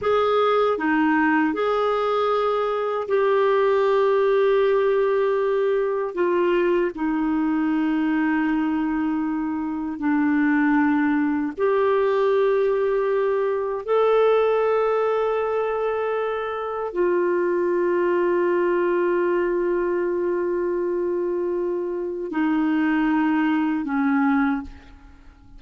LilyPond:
\new Staff \with { instrumentName = "clarinet" } { \time 4/4 \tempo 4 = 78 gis'4 dis'4 gis'2 | g'1 | f'4 dis'2.~ | dis'4 d'2 g'4~ |
g'2 a'2~ | a'2 f'2~ | f'1~ | f'4 dis'2 cis'4 | }